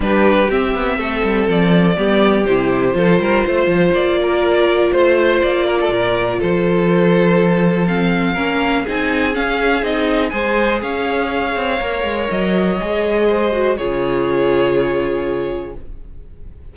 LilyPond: <<
  \new Staff \with { instrumentName = "violin" } { \time 4/4 \tempo 4 = 122 b'4 e''2 d''4~ | d''4 c''2. | d''2 c''4 d''4~ | d''4 c''2. |
f''2 gis''4 f''4 | dis''4 gis''4 f''2~ | f''4 dis''2. | cis''1 | }
  \new Staff \with { instrumentName = "violin" } { \time 4/4 g'2 a'2 | g'2 a'8 ais'8 c''4~ | c''8 ais'4. c''4. ais'16 a'16 | ais'4 a'2.~ |
a'4 ais'4 gis'2~ | gis'4 c''4 cis''2~ | cis''2. c''4 | gis'1 | }
  \new Staff \with { instrumentName = "viola" } { \time 4/4 d'4 c'2. | b4 e'4 f'2~ | f'1~ | f'1 |
c'4 cis'4 dis'4 cis'4 | dis'4 gis'2. | ais'2 gis'4. fis'8 | f'1 | }
  \new Staff \with { instrumentName = "cello" } { \time 4/4 g4 c'8 b8 a8 g8 f4 | g4 c4 f8 g8 a8 f8 | ais2 a4 ais4 | ais,4 f2.~ |
f4 ais4 c'4 cis'4 | c'4 gis4 cis'4. c'8 | ais8 gis8 fis4 gis2 | cis1 | }
>>